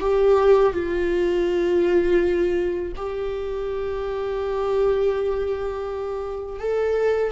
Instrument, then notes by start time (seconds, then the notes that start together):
viola
0.00 G4
0.73 F4
2.96 G4
6.59 A4